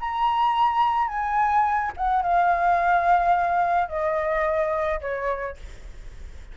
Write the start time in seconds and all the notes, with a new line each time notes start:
0.00 A#5
1.08 G#5
1.97 F#5
2.22 F5
3.88 D#5
5.01 C#5